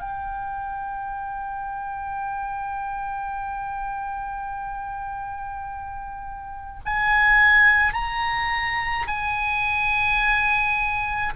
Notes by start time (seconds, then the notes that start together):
0.00 G5
6.85 G#5
7.93 A#5
9.07 G#5